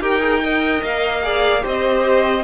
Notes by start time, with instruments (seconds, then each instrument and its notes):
0.00 cello D#4, viola G4, violin A#4 G5
0.20 viola G#4
0.42 viola A#4, violin D#5
0.82 cello A#3, violin F5
1.22 viola G#4, violin D5
1.61 cello C4, viola G4, violin C5 D#5